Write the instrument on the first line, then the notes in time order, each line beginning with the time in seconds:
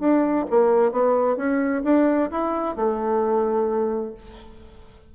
bassoon
0.00 D4
0.50 A#3
0.92 B3
1.37 C#4
1.84 D4
2.32 E4
2.77 A3